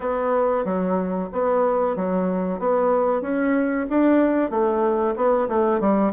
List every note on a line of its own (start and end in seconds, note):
0.00 0.65 B3
0.65 1.29 F#3
1.32 1.96 B3
1.96 2.59 F#3
2.59 3.21 B3
3.21 3.86 C#4
3.89 4.50 D4
4.50 5.14 A3
5.16 5.48 B3
5.48 5.80 A3
5.80 6.12 G3